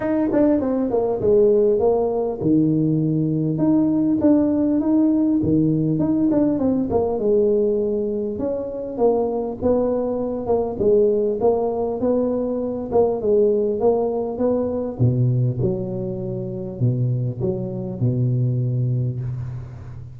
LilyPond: \new Staff \with { instrumentName = "tuba" } { \time 4/4 \tempo 4 = 100 dis'8 d'8 c'8 ais8 gis4 ais4 | dis2 dis'4 d'4 | dis'4 dis4 dis'8 d'8 c'8 ais8 | gis2 cis'4 ais4 |
b4. ais8 gis4 ais4 | b4. ais8 gis4 ais4 | b4 b,4 fis2 | b,4 fis4 b,2 | }